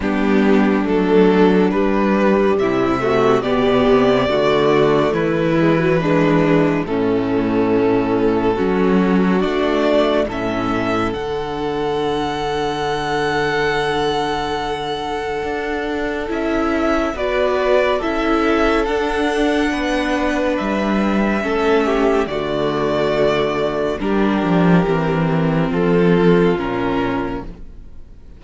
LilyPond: <<
  \new Staff \with { instrumentName = "violin" } { \time 4/4 \tempo 4 = 70 g'4 a'4 b'4 e''4 | d''2 b'2 | a'2. d''4 | e''4 fis''2.~ |
fis''2. e''4 | d''4 e''4 fis''2 | e''2 d''2 | ais'2 a'4 ais'4 | }
  \new Staff \with { instrumentName = "violin" } { \time 4/4 d'2. e'8 fis'8 | g'4 fis'4 e'4 d'4 | cis'2 fis'2 | a'1~ |
a'1 | b'4 a'2 b'4~ | b'4 a'8 g'8 fis'2 | g'2 f'2 | }
  \new Staff \with { instrumentName = "viola" } { \time 4/4 b4 a4 g4. a8 | b4 a4. gis16 fis16 gis4 | a2 cis'4 d'4 | cis'4 d'2.~ |
d'2. e'4 | fis'4 e'4 d'2~ | d'4 cis'4 a2 | d'4 c'2 cis'4 | }
  \new Staff \with { instrumentName = "cello" } { \time 4/4 g4 fis4 g4 c4 | b,8 c8 d4 e2 | a,2 fis4 a4 | a,4 d2.~ |
d2 d'4 cis'4 | b4 cis'4 d'4 b4 | g4 a4 d2 | g8 f8 e4 f4 ais,4 | }
>>